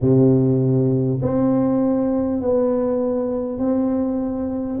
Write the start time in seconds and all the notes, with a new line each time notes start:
0.01 C3
1.22 C4
2.41 B3
3.58 C4